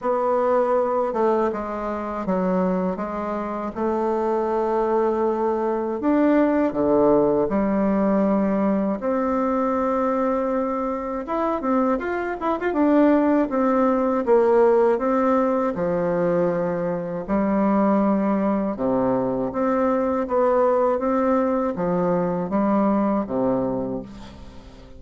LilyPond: \new Staff \with { instrumentName = "bassoon" } { \time 4/4 \tempo 4 = 80 b4. a8 gis4 fis4 | gis4 a2. | d'4 d4 g2 | c'2. e'8 c'8 |
f'8 e'16 f'16 d'4 c'4 ais4 | c'4 f2 g4~ | g4 c4 c'4 b4 | c'4 f4 g4 c4 | }